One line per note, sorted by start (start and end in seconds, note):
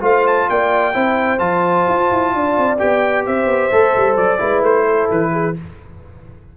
0.00 0.47 A3
0.00 0.92 F4
0.00 0.47 C5
0.00 0.27 F5
0.27 0.49 A5
0.49 0.95 A#3
0.49 0.94 D5
0.49 1.39 G5
0.93 1.40 C4
0.93 1.38 E4
0.93 2.32 C5
1.38 1.86 F3
1.38 2.77 F4
1.38 2.77 A5
1.87 2.10 F4
2.11 2.34 E4
2.34 2.57 D4
2.34 3.26 D5
2.57 2.80 C4
2.78 3.27 B3
2.78 3.71 G4
2.78 3.25 G5
3.26 3.45 C4
3.26 4.40 C5
3.26 4.17 E5
3.45 3.68 B3
3.71 3.95 A3
3.71 4.38 A4
3.96 4.17 G3
4.17 4.40 F#3
4.17 4.63 D5
4.38 4.61 G#3
4.38 5.54 E4
4.38 4.85 B4
4.61 5.08 A3
4.61 5.11 C5
4.85 5.31 A4
5.11 5.57 E3
5.11 5.57 B4
5.32 5.55 G#4